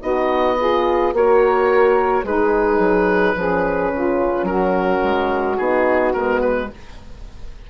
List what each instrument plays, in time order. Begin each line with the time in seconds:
0.00 bassoon B3, horn D#4, saxophone F#4, oboe D#5
0.58 horn F4, saxophone G#4
1.13 bassoon A#3, horn F#4, saxophone A#4, oboe C#5
2.23 bassoon G#3, saxophone D#4, horn G#4, oboe B4
2.78 bassoon F#3
3.35 bassoon F3, horn C#4, saxophone G#4
3.92 bassoon C#3, saxophone F4
4.42 bassoon F#3, saxophone F#4, oboe A#4
5.03 bassoon G#3
5.57 bassoon B3, horn D#4, oboe G#4
6.13 bassoon G#3, horn B3, oboe A#4
6.40 oboe B4